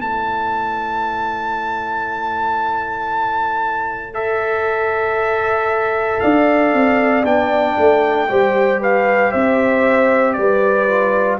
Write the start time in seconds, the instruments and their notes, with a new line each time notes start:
0.00 tuba A3, trombone E4, horn C#5, trumpet A5
4.14 trombone A4, trumpet E5
6.20 tuba D4, horn D5, trumpet F5
6.73 tuba C4
7.24 tuba B3, trombone D4, trumpet G5
7.78 tuba A3
8.28 tuba G3, trombone G4, horn C5
8.80 horn B4, trumpet F5
9.31 tuba C4, horn C5, trumpet E5
10.33 tuba G3, horn B4, trumpet D5
10.87 trombone F4